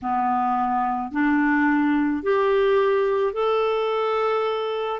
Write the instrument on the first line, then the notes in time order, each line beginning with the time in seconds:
clarinet
0.02 B3
1.11 D4
2.22 G4
3.33 A4